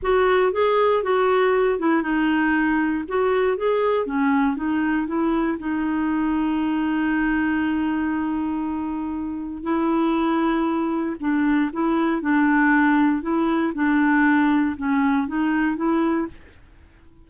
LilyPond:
\new Staff \with { instrumentName = "clarinet" } { \time 4/4 \tempo 4 = 118 fis'4 gis'4 fis'4. e'8 | dis'2 fis'4 gis'4 | cis'4 dis'4 e'4 dis'4~ | dis'1~ |
dis'2. e'4~ | e'2 d'4 e'4 | d'2 e'4 d'4~ | d'4 cis'4 dis'4 e'4 | }